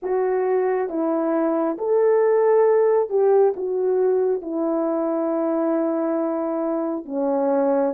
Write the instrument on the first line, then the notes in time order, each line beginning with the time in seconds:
horn
0.02 F#4
0.89 E4
1.78 A4
3.09 G4
3.56 F#4
4.41 E4
7.05 C#4